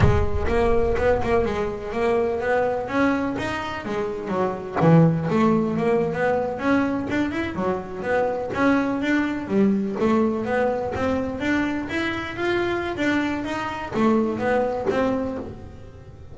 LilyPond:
\new Staff \with { instrumentName = "double bass" } { \time 4/4 \tempo 4 = 125 gis4 ais4 b8 ais8 gis4 | ais4 b4 cis'4 dis'4 | gis4 fis4 e4 a4 | ais8. b4 cis'4 d'8 e'8 fis16~ |
fis8. b4 cis'4 d'4 g16~ | g8. a4 b4 c'4 d'16~ | d'8. e'4 f'4~ f'16 d'4 | dis'4 a4 b4 c'4 | }